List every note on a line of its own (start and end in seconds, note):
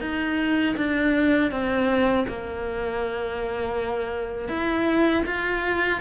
0.00 0.75 D#4
0.77 1.51 D4
1.51 2.26 C4
2.28 4.48 A#3
4.48 5.23 E4
5.25 6.00 F4